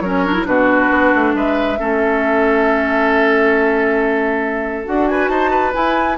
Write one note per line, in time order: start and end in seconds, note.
0.00 0.44 F#3
0.00 0.25 C#4
0.00 0.47 A#4
0.00 0.44 C#5
0.25 0.33 D4
0.33 0.44 E4
0.44 0.90 B2
0.44 1.76 D4
0.44 1.36 F#4
0.44 1.33 B4
0.90 1.12 B3
1.15 1.34 A3
1.33 1.78 G#3
1.33 1.79 B4
1.33 4.86 E5
1.79 4.86 A3
1.79 4.85 C#4
1.79 5.10 A4
4.85 5.28 D4
4.85 5.73 F#4
4.85 5.08 F#5
5.08 5.30 B4
5.08 5.28 G#5
5.28 5.72 D#4
5.28 5.50 C5
5.28 5.72 A5
5.50 6.17 B4
5.73 6.17 E4
5.73 6.18 E4
5.73 6.18 G#5